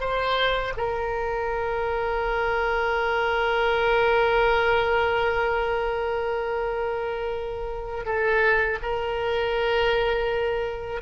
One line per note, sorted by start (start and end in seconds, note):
0.00 0.73 C5
0.76 8.05 A#4
8.05 8.78 A4
8.82 11.01 A#4